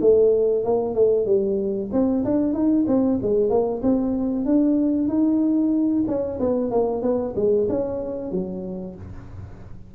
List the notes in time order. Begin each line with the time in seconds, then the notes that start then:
0.00 A3
0.64 A#3
0.94 A3
1.26 G3
1.92 C4
2.24 D4
2.53 D#4
2.87 C4
3.22 G#3
3.49 A#3
3.82 C4
4.45 D4
5.08 D#4
6.07 C#4
6.39 B3
6.71 A#3
7.02 B3
7.35 G#3
7.69 C#4
8.31 F#3